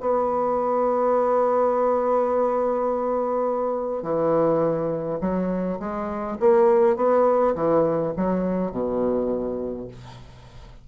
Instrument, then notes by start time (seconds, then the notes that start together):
bassoon
0.00 B3
4.02 E3
5.21 F#3
5.79 G#3
6.39 A#3
6.96 B3
7.55 E3
8.17 F#3
8.71 B2